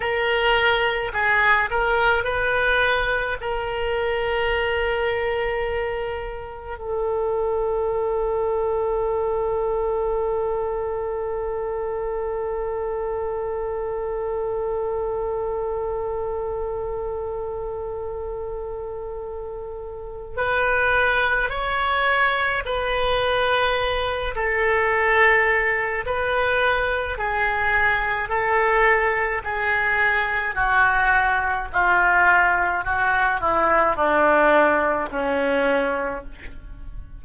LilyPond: \new Staff \with { instrumentName = "oboe" } { \time 4/4 \tempo 4 = 53 ais'4 gis'8 ais'8 b'4 ais'4~ | ais'2 a'2~ | a'1~ | a'1~ |
a'2 b'4 cis''4 | b'4. a'4. b'4 | gis'4 a'4 gis'4 fis'4 | f'4 fis'8 e'8 d'4 cis'4 | }